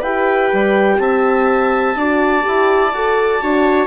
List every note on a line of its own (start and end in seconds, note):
0.00 0.51 E4
0.00 1.98 G4
0.00 0.97 B4
0.00 0.98 G5
0.52 0.98 G3
0.98 1.95 C4
0.98 1.98 E5
0.98 3.86 A5
1.95 2.43 D4
1.95 2.41 F#4
1.95 3.41 D5
2.41 2.93 E4
2.41 2.90 G4
2.93 3.41 F#4
2.93 3.41 A4
3.41 3.86 D4
3.41 3.86 F#4
3.41 3.86 C#5